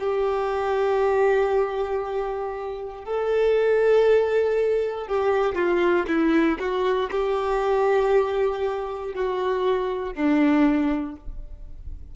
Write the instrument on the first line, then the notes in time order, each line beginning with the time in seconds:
violin
0.00 G4
3.05 A4
5.08 G4
5.55 F4
6.08 E4
6.59 F#4
7.11 G4
9.14 F#4
10.14 D4